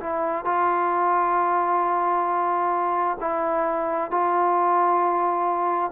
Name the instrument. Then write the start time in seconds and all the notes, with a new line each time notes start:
trombone
0.00 E4
0.45 F4
3.20 E4
4.11 F4